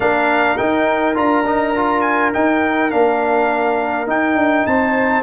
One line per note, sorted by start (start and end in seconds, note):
0.00 0.58 A#3
0.00 0.58 D4
0.00 4.67 A#4
0.00 0.57 F5
0.57 1.15 D#4
0.57 1.16 D#4
0.57 1.15 G5
1.15 2.33 D4
1.15 1.44 F4
1.15 2.01 A#5
1.45 1.75 D#4
1.75 2.33 F4
2.01 2.30 G#5
2.33 2.90 D#4
2.33 2.93 D#4
2.33 2.90 G5
2.90 4.07 A#3
2.90 4.06 D4
2.90 4.07 F5
4.06 5.23 D#4
4.06 4.35 D#4
4.06 4.66 G5
4.35 4.64 D4
4.66 5.23 C4
4.66 5.23 C5
4.66 5.23 A5